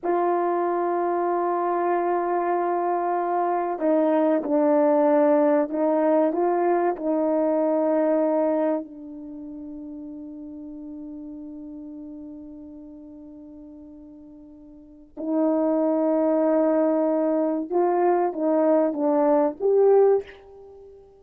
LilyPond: \new Staff \with { instrumentName = "horn" } { \time 4/4 \tempo 4 = 95 f'1~ | f'2 dis'4 d'4~ | d'4 dis'4 f'4 dis'4~ | dis'2 d'2~ |
d'1~ | d'1 | dis'1 | f'4 dis'4 d'4 g'4 | }